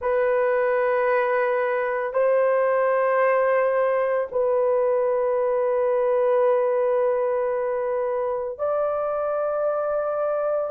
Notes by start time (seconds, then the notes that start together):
0.01 B4
2.13 C5
4.31 B4
8.58 D5